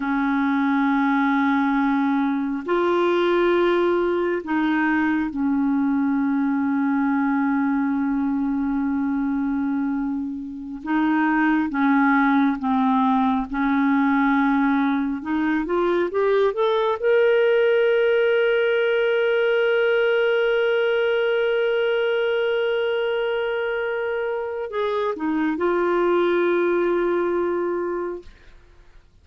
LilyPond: \new Staff \with { instrumentName = "clarinet" } { \time 4/4 \tempo 4 = 68 cis'2. f'4~ | f'4 dis'4 cis'2~ | cis'1~ | cis'16 dis'4 cis'4 c'4 cis'8.~ |
cis'4~ cis'16 dis'8 f'8 g'8 a'8 ais'8.~ | ais'1~ | ais'1 | gis'8 dis'8 f'2. | }